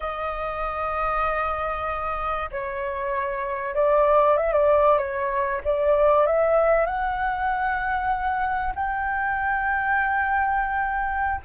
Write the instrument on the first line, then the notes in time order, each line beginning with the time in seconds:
flute
0.00 D#5
2.51 C#5
3.74 D5
4.37 E5
4.53 D5
4.98 C#5
5.64 D5
6.26 E5
6.86 F#5
8.75 G5